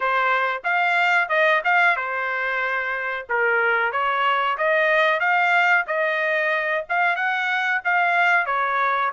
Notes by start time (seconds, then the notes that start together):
0.00 C5
0.63 F5
1.28 D#5
1.64 F5
1.96 C5
3.29 A#4
3.92 C#5
4.57 D#5
5.20 F5
5.86 D#5
6.89 F5
7.16 F#5
7.84 F5
8.46 C#5